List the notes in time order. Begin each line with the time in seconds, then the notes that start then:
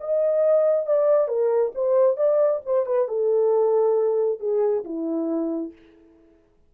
0.00 D#5
0.86 D5
1.28 A#4
1.75 C5
2.17 D5
2.66 C5
2.86 B4
3.08 A4
4.40 G#4
4.84 E4